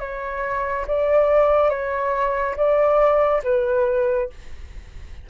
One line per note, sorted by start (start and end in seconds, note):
0.00 0.86 C#5
0.87 1.69 D5
1.69 2.55 C#5
2.56 3.42 D5
3.44 4.29 B4